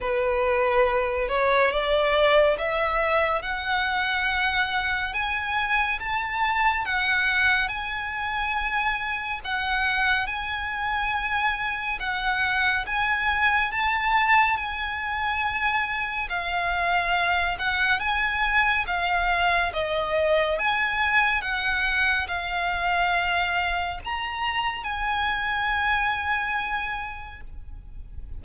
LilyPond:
\new Staff \with { instrumentName = "violin" } { \time 4/4 \tempo 4 = 70 b'4. cis''8 d''4 e''4 | fis''2 gis''4 a''4 | fis''4 gis''2 fis''4 | gis''2 fis''4 gis''4 |
a''4 gis''2 f''4~ | f''8 fis''8 gis''4 f''4 dis''4 | gis''4 fis''4 f''2 | ais''4 gis''2. | }